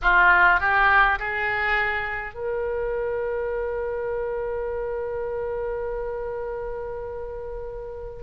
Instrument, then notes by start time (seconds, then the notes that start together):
oboe
0.02 F4
0.59 G4
1.19 G#4
2.34 A#4